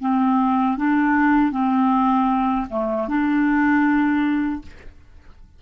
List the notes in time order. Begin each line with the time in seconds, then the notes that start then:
0.00 C4
0.77 D4
1.51 C4
2.70 A3
3.08 D4